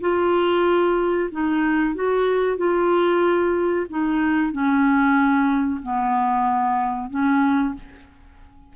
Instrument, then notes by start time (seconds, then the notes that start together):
clarinet
0.00 F4
1.31 D#4
1.94 F#4
2.57 F4
3.89 D#4
4.52 C#4
5.82 B3
7.09 C#4